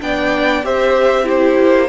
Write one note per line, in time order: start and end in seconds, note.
0.00 0.64 B3
0.00 0.63 D4
0.00 0.66 D5
0.00 0.65 G5
0.64 1.59 C4
0.64 1.24 G4
0.64 1.25 C5
0.64 1.28 E5
1.24 1.87 E4
1.24 1.89 G4
1.24 1.89 C5
1.59 1.89 A#3